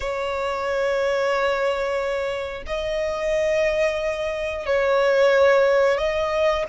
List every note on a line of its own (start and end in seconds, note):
0.00 2.63 C#5
2.66 4.65 D#5
4.65 5.98 C#5
5.98 6.65 D#5